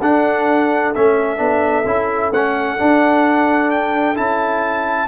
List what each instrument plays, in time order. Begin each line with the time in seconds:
0.00 tuba D4, trombone D4, horn A4, trumpet F#5
0.95 tuba A3, trombone C#4, trumpet E5
1.37 tuba B3, trombone D4
1.85 tuba C#4, trombone E4
2.32 tuba A3, trombone C#4, trumpet F#5
2.78 trombone D4, tuba D4
3.70 trumpet G5
4.15 tuba C#4, trombone E4, trumpet A5